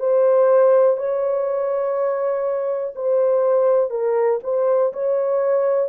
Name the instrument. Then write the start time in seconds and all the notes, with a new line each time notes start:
horn
0.00 C5
0.97 C#5
2.96 C5
3.91 A#4
4.44 C5
4.93 C#5